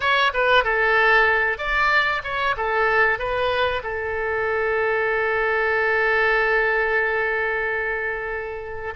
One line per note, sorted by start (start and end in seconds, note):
0.00 0.32 C#5
0.33 0.64 B4
0.64 1.58 A4
1.58 2.21 D5
2.23 2.55 C#5
2.56 3.18 A4
3.18 3.82 B4
3.83 8.94 A4